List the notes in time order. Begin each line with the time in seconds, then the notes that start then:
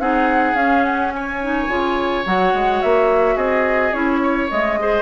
0.00 C4 D#4 G#4 F#5
0.54 C#4 F5
0.84 F#5
1.14 C#5 G#5
1.43 D#4
1.68 C#3 F4
2.26 F#3 F#4 F#5
2.54 G#3
2.82 A#3 E5
3.36 C4 G#4 D#5
3.93 C#4 E4 C#5
4.24 C#5
4.51 G#3 A3 D#5
4.80 G#4 C5